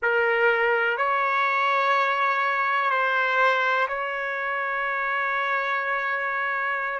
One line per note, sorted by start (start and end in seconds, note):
0.02 0.97 A#4
0.97 2.90 C#5
2.90 3.87 C5
3.88 6.99 C#5